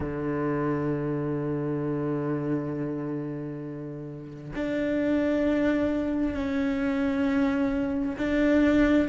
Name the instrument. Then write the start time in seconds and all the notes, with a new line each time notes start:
cello
0.00 D3
4.55 D4
6.34 C#4
8.17 D4